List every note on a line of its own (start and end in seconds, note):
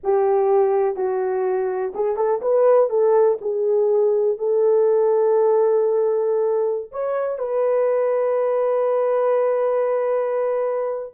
0.03 0.95 G4
0.95 1.92 F#4
1.94 2.16 G#4
2.16 2.40 A4
2.41 2.89 B4
2.89 3.38 A4
3.41 4.37 G#4
4.38 6.91 A4
6.91 7.38 C#5
7.38 11.13 B4